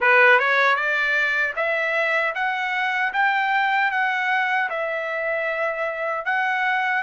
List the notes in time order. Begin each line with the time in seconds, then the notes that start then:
0.00 B4
0.39 C#5
0.75 D5
1.56 E5
2.34 F#5
3.13 G5
3.91 F#5
4.69 E5
6.25 F#5